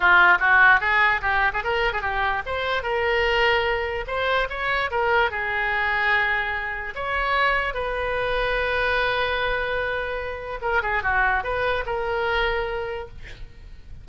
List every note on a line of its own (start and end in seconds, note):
0.00 0.38 F4
0.39 0.80 F#4
0.80 1.21 G#4
1.21 1.52 G4
1.53 1.63 G#4
1.63 1.92 A#4
1.92 2.01 G#4
2.01 2.42 G4
2.45 2.83 C5
2.83 4.05 A#4
4.07 4.48 C5
4.49 4.90 C#5
4.90 5.30 A#4
5.30 6.94 G#4
6.95 7.73 C#5
7.73 10.59 B4
10.61 10.82 A#4
10.82 11.02 G#4
11.02 11.43 F#4
11.43 11.84 B4
11.86 13.08 A#4